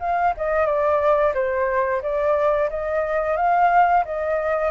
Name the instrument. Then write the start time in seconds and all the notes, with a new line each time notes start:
flute
0.00 F5
0.37 D#5
0.66 D5
1.34 C5
2.02 D5
2.70 D#5
3.36 F5
4.05 D#5